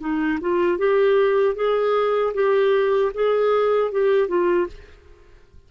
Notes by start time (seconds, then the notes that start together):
0.00 D#4
0.41 F4
0.78 G4
1.55 G#4
2.34 G4
3.14 G#4
3.92 G4
4.28 F4